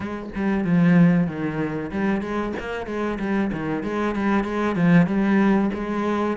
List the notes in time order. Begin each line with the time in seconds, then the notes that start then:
0.00 G#3
0.35 G3
0.64 F3
1.26 D#3
1.91 G3
2.21 G#3
2.59 A#3
2.86 G#3
3.19 G3
3.52 D#3
3.83 G#3
4.15 G3
4.44 G#3
4.75 F3
5.06 G3
5.74 G#3